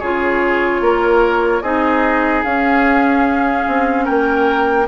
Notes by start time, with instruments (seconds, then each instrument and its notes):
0.00 bassoon C#3, clarinet F4, oboe G#4, flute C#5
0.81 bassoon A#3, oboe A#4
1.62 bassoon C4, clarinet D#4, oboe G#4, flute D#5
2.44 bassoon C#4, clarinet C#4, flute F5
3.68 bassoon C4
4.05 bassoon A#3, oboe A#4, flute G5